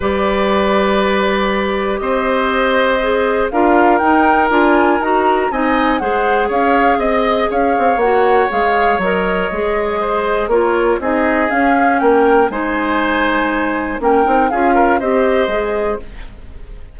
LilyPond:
<<
  \new Staff \with { instrumentName = "flute" } { \time 4/4 \tempo 4 = 120 d''1 | dis''2. f''4 | g''4 gis''4 ais''4 gis''4 | fis''4 f''4 dis''4 f''4 |
fis''4 f''4 dis''2~ | dis''4 cis''4 dis''4 f''4 | g''4 gis''2. | g''4 f''4 dis''2 | }
  \new Staff \with { instrumentName = "oboe" } { \time 4/4 b'1 | c''2. ais'4~ | ais'2. dis''4 | c''4 cis''4 dis''4 cis''4~ |
cis''1 | c''4 ais'4 gis'2 | ais'4 c''2. | ais'4 gis'8 ais'8 c''2 | }
  \new Staff \with { instrumentName = "clarinet" } { \time 4/4 g'1~ | g'2 gis'4 f'4 | dis'4 f'4 fis'4 dis'4 | gis'1 |
fis'4 gis'4 ais'4 gis'4~ | gis'4 f'4 dis'4 cis'4~ | cis'4 dis'2. | cis'8 dis'8 f'4 g'4 gis'4 | }
  \new Staff \with { instrumentName = "bassoon" } { \time 4/4 g1 | c'2. d'4 | dis'4 d'4 dis'4 c'4 | gis4 cis'4 c'4 cis'8 c'8 |
ais4 gis4 fis4 gis4~ | gis4 ais4 c'4 cis'4 | ais4 gis2. | ais8 c'8 cis'4 c'4 gis4 | }
>>